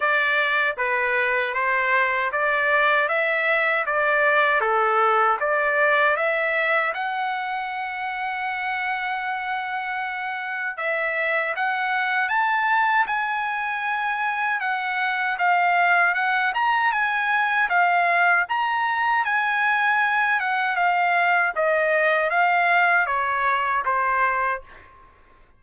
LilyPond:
\new Staff \with { instrumentName = "trumpet" } { \time 4/4 \tempo 4 = 78 d''4 b'4 c''4 d''4 | e''4 d''4 a'4 d''4 | e''4 fis''2.~ | fis''2 e''4 fis''4 |
a''4 gis''2 fis''4 | f''4 fis''8 ais''8 gis''4 f''4 | ais''4 gis''4. fis''8 f''4 | dis''4 f''4 cis''4 c''4 | }